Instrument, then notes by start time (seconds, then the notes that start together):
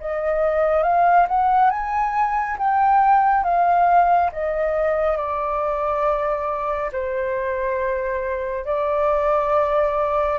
flute
0.00 D#5
0.83 F5
1.28 F#5
1.70 G#5
2.58 G5
3.43 F5
4.32 D#5
5.17 D5
6.92 C5
8.65 D5